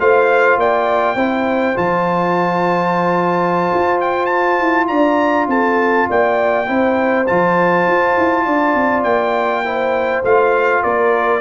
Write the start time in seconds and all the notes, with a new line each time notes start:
0.00 A3 F4 C5 F5
0.56 A#3 D5 G5
1.16 C4 E4 C5
1.75 F3 F4 A5
3.74 F4
4.01 G5
4.26 A5
4.60 E4
4.88 D4 D5 A#5
5.48 C4 A4 A5
6.10 A#3 D5 G5
6.67 C4 E4 C5
7.27 F3 F4 A5
7.87 F4
8.18 E4
8.45 D4 D5
8.75 C4
9.03 A#3 G5
9.65 E4 C5
10.24 A3 F4 F5
10.83 A#3 A#4 D5